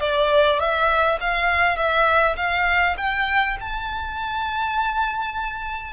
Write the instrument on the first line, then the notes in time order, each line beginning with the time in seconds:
violin
0.00 D5
0.59 E5
1.20 F5
1.76 E5
2.36 F5
2.97 G5
3.60 A5